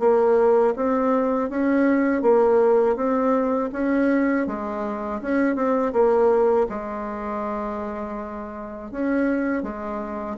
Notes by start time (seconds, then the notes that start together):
0.00 A#3
0.76 C4
1.50 C#4
2.22 A#3
2.96 C4
3.73 C#4
4.47 G#3
5.22 C#4
5.56 C4
5.93 A#3
6.70 G#3
8.92 C#4
9.63 G#3